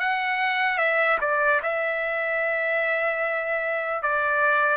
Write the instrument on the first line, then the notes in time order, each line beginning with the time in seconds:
trumpet
0.00 F#5
0.78 E5
1.21 D5
1.63 E5
4.03 D5